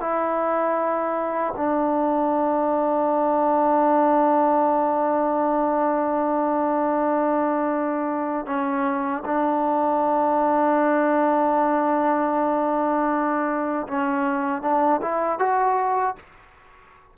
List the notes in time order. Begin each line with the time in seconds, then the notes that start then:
0.00 E4
1.56 D4
8.46 C#4
9.26 D4
13.87 C#4
14.62 D4
15.02 E4
15.39 F#4